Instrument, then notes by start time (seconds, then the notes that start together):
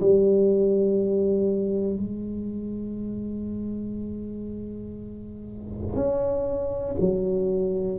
tuba
0.00 G3
1.96 G#3
5.95 C#4
7.00 F#3